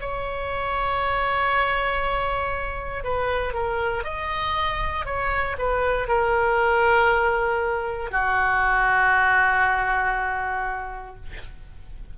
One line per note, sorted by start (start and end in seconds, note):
0.00 3.04 C#5
3.04 3.53 B4
3.53 4.04 A#4
4.04 5.05 D#5
5.05 5.56 C#5
5.58 6.08 B4
6.08 8.11 A#4
8.11 11.16 F#4